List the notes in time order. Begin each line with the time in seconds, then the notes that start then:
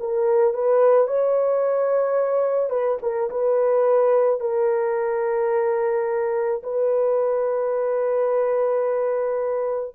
0.00 A#4
0.54 B4
1.08 C#5
2.70 B4
3.03 A#4
3.31 B4
4.40 A#4
6.64 B4